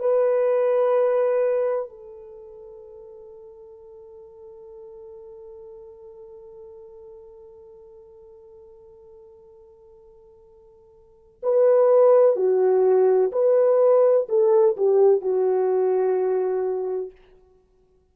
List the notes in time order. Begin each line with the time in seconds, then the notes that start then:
0.00 B4
1.89 A4
11.43 B4
12.36 F#4
13.32 B4
14.29 A4
14.77 G4
15.21 F#4